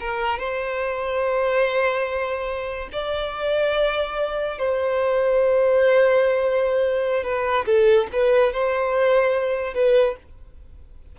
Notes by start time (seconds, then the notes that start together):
0.00 A#4
0.39 C5
2.92 D5
4.58 C5
7.23 B4
7.66 A4
8.12 B4
8.53 C5
9.74 B4